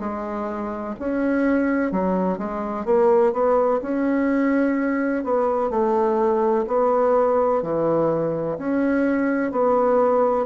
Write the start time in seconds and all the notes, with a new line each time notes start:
0.00 G#3
1.00 C#4
1.92 F#3
2.38 G#3
2.85 A#3
3.33 B3
3.82 C#4
5.24 B3
5.70 A3
6.67 B3
7.62 E3
8.58 C#4
9.52 B3